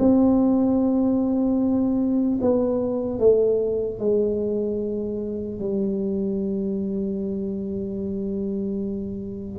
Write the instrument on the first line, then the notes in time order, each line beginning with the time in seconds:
tuba
0.00 C4
2.41 B3
3.20 A3
4.00 G#3
5.60 G3